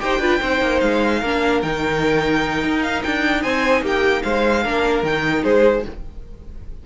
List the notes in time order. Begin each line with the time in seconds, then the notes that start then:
0.00 D#4 G4 C5 G5
0.19 D4 F4 B4
0.41 C4 D#4 C5
0.61 A#3
0.81 G#3 F5
1.20 A#3 D4 A#4
1.62 D#3 D#4 G5
2.64 D#4
2.83 F5
3.03 D4 G5
3.42 C4 C5 G#5
3.82 A#3 G4 G5
4.23 G#3 C5 F5
4.64 A#3 D4 A#4
5.03 D#3 D#4 G5
5.43 G#3 G#4 C5